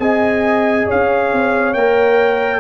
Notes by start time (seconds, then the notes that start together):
0.00 C4 G#4 D#5 G#5
0.87 C#4 C#5 F5
1.33 C4
1.74 A#3 A#4 G5